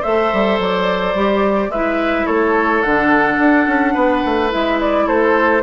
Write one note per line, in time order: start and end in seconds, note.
0.00 0.33 A3
0.00 1.15 A4
0.00 1.68 C5
0.00 0.59 E5
0.33 0.59 G3
0.59 1.14 F#3
0.59 1.71 D5
1.14 1.68 G3
1.14 1.71 G4
1.68 2.24 G#3
1.68 2.85 E4
1.68 2.25 B4
1.68 2.26 E5
2.25 2.84 A3
2.25 3.93 A4
2.25 2.82 C#5
2.82 3.38 D3
2.82 4.49 D4
2.82 4.50 F#5
3.38 3.66 D4
3.66 3.95 C#4
3.93 4.23 B3
3.93 5.05 B4
4.25 4.53 A3
4.49 5.07 G#3
4.49 5.62 E4
4.49 4.79 E5
4.80 5.07 D5
5.06 5.63 A3
5.06 5.62 A4
5.06 5.63 C5